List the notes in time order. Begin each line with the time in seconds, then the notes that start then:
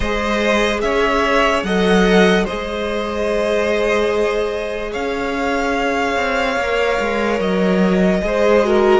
0.00 G#3 G#4 C5 D#5
0.81 C#4 C#5 E5
1.63 F#3 A4 D#5 F#5
2.44 G#4 C5 D#5
2.51 G#3
4.91 C#4 C#5 F5
6.16 C4
6.56 A#3 A#4
7.00 G#3
7.39 F#3 D#5
8.21 G#3 G#4 C5
8.63 F#4 A#4